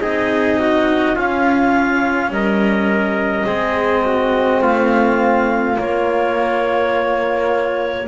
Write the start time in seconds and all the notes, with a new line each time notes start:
0.00 C4 D#4 G#4 D#5
0.60 F#4
1.16 C#4 F4 F5
2.30 G3 A#4 D#5
3.46 G#3 C4 G#4
4.06 F#4
4.62 A3 F4 F5
5.76 A#3 C#5